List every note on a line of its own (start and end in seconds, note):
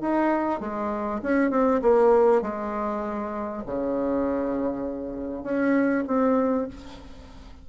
0.00 0.60 D#4
0.60 1.20 G#3
1.22 1.50 C#4
1.50 1.81 C4
1.82 2.42 A#3
2.42 3.63 G#3
3.66 5.43 C#3
5.43 6.04 C#4
6.07 6.67 C4